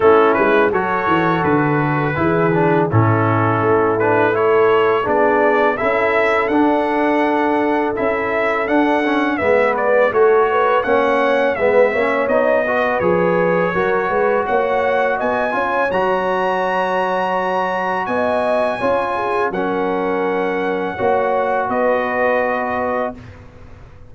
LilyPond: <<
  \new Staff \with { instrumentName = "trumpet" } { \time 4/4 \tempo 4 = 83 a'8 b'8 cis''4 b'2 | a'4. b'8 cis''4 d''4 | e''4 fis''2 e''4 | fis''4 e''8 d''8 cis''4 fis''4 |
e''4 dis''4 cis''2 | fis''4 gis''4 ais''2~ | ais''4 gis''2 fis''4~ | fis''2 dis''2 | }
  \new Staff \with { instrumentName = "horn" } { \time 4/4 e'4 a'2 gis'4 | e'2 a'4 gis'4 | a'1~ | a'4 b'4 a'8 b'8 cis''4 |
b'8 cis''4 b'4. ais'8 b'8 | cis''4 dis''8 cis''2~ cis''8~ | cis''4 dis''4 cis''8 gis'8 ais'4~ | ais'4 cis''4 b'2 | }
  \new Staff \with { instrumentName = "trombone" } { \time 4/4 cis'4 fis'2 e'8 d'8 | cis'4. d'8 e'4 d'4 | e'4 d'2 e'4 | d'8 cis'8 b4 fis'4 cis'4 |
b8 cis'8 dis'8 fis'8 gis'4 fis'4~ | fis'4. f'8 fis'2~ | fis'2 f'4 cis'4~ | cis'4 fis'2. | }
  \new Staff \with { instrumentName = "tuba" } { \time 4/4 a8 gis8 fis8 e8 d4 e4 | a,4 a2 b4 | cis'4 d'2 cis'4 | d'4 gis4 a4 ais4 |
gis8 ais8 b4 f4 fis8 gis8 | ais4 b8 cis'8 fis2~ | fis4 b4 cis'4 fis4~ | fis4 ais4 b2 | }
>>